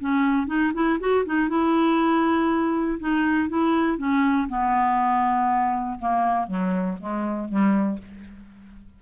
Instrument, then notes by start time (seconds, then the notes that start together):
clarinet
0.00 C#4
0.47 D#4
0.74 E4
1.00 F#4
1.25 D#4
1.49 E4
2.99 D#4
3.49 E4
3.98 C#4
4.48 B3
5.99 A#3
6.47 F#3
7.00 G#3
7.48 G3